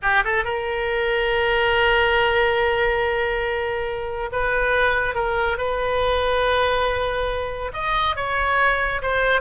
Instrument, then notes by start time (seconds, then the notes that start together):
oboe
0.02 G4
0.24 A4
0.44 A#4
4.31 B4
5.14 A#4
5.57 B4
7.73 D#5
8.16 C#5
9.02 C5